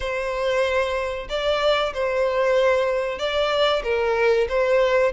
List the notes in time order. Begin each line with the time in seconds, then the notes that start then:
0.00 C5
1.29 D5
1.93 C5
3.19 D5
3.83 A#4
4.48 C5